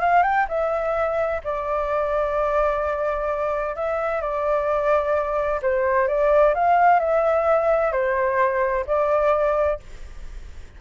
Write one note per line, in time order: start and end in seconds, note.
0.00 0.23 F5
0.23 0.46 G5
0.48 1.41 E5
1.44 3.75 D5
3.75 4.21 E5
4.21 5.60 D5
5.62 6.07 C5
6.07 6.54 D5
6.54 6.99 F5
6.99 7.92 E5
7.92 8.85 C5
8.87 9.80 D5